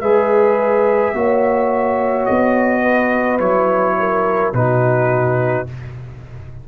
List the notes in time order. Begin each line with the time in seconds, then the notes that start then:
0.00 G#3 G#4 B4 E5
1.13 A#3 F#4 C#5
2.25 B3 D#5
2.81 B4
3.39 F#3 E4 C#5
3.99 A#4
4.53 B2 D#4 F#4 B4